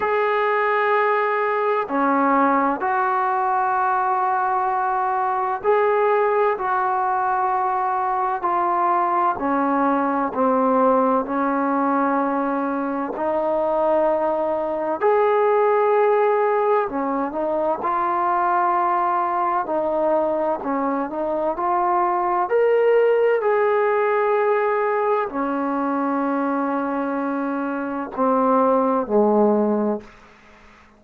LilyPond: \new Staff \with { instrumentName = "trombone" } { \time 4/4 \tempo 4 = 64 gis'2 cis'4 fis'4~ | fis'2 gis'4 fis'4~ | fis'4 f'4 cis'4 c'4 | cis'2 dis'2 |
gis'2 cis'8 dis'8 f'4~ | f'4 dis'4 cis'8 dis'8 f'4 | ais'4 gis'2 cis'4~ | cis'2 c'4 gis4 | }